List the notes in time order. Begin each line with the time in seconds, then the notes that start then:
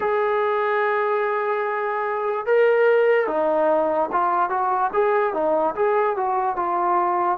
0.00 G#4
2.46 A#4
3.27 D#4
4.12 F4
4.49 F#4
4.93 G#4
5.33 D#4
5.75 G#4
6.16 F#4
6.56 F4